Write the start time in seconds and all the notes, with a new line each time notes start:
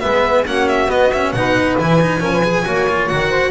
0.00 G#3 B3 B4 E5
0.46 A#3 C#4 F#4 F#5
0.68 E5
0.88 B3 D#5
1.12 C#4 E5
1.32 B2 D#4 B4 F#5
1.79 E3 E4 G#5
2.01 D#4
2.20 F3 C#4 A#4
2.31 B4
2.43 G#4
2.65 A#3 F#4 C#5
2.88 F4
3.07 D#3 F#4 F#5
3.28 C5